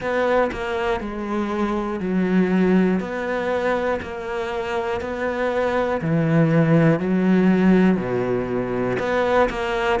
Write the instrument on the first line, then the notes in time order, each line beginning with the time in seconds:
cello
0.00 B3
0.51 A#3
1.00 G#3
2.00 F#3
3.00 B3
4.01 A#3
5.00 B3
6.01 E3
7.00 F#3
7.97 B2
8.99 B3
9.50 A#3